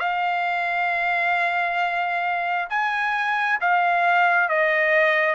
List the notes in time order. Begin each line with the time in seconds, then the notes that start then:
0.00 F5
2.70 G#5
3.61 F5
4.49 D#5